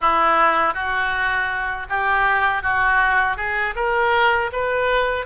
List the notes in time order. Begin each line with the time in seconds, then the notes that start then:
0.01 E4
0.74 F#4
1.89 G4
2.62 F#4
3.36 G#4
3.75 A#4
4.52 B4